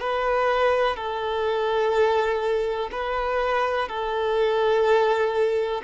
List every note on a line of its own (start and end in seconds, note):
0.00 0.96 B4
0.96 2.89 A4
2.91 3.88 B4
3.88 5.82 A4